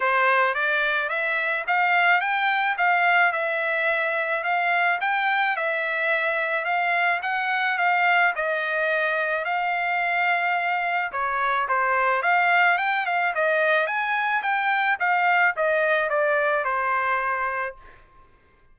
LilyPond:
\new Staff \with { instrumentName = "trumpet" } { \time 4/4 \tempo 4 = 108 c''4 d''4 e''4 f''4 | g''4 f''4 e''2 | f''4 g''4 e''2 | f''4 fis''4 f''4 dis''4~ |
dis''4 f''2. | cis''4 c''4 f''4 g''8 f''8 | dis''4 gis''4 g''4 f''4 | dis''4 d''4 c''2 | }